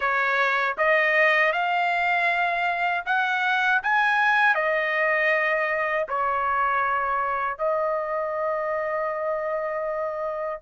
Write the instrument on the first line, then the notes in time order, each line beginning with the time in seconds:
trumpet
0.00 C#5
0.77 D#5
1.52 F5
3.05 F#5
3.82 G#5
4.54 D#5
6.08 C#5
7.57 D#5